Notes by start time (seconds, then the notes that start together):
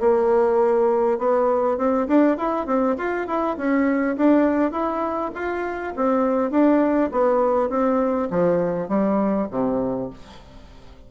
0.00 A#3
1.19 B3
1.78 C4
2.08 D4
2.37 E4
2.67 C4
2.98 F4
3.27 E4
3.57 C#4
4.17 D4
4.72 E4
5.35 F4
5.96 C4
6.51 D4
7.12 B3
7.70 C4
8.30 F3
8.88 G3
9.50 C3